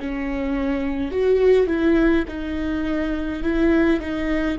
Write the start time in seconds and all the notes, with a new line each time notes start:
0.00 C#4
1.12 F#4
1.67 E4
2.28 D#4
3.43 E4
4.01 D#4